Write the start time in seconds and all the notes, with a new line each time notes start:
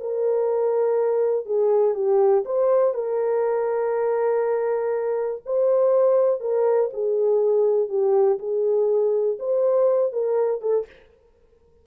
0.00 A#4
1.46 G#4
1.94 G4
2.45 C5
2.94 A#4
5.45 C5
6.40 A#4
6.93 G#4
7.89 G4
8.39 G#4
9.39 C5
10.12 A#4
10.61 A4